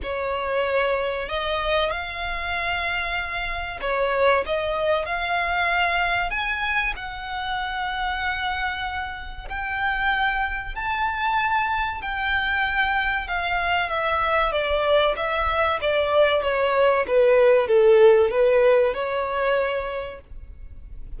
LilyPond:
\new Staff \with { instrumentName = "violin" } { \time 4/4 \tempo 4 = 95 cis''2 dis''4 f''4~ | f''2 cis''4 dis''4 | f''2 gis''4 fis''4~ | fis''2. g''4~ |
g''4 a''2 g''4~ | g''4 f''4 e''4 d''4 | e''4 d''4 cis''4 b'4 | a'4 b'4 cis''2 | }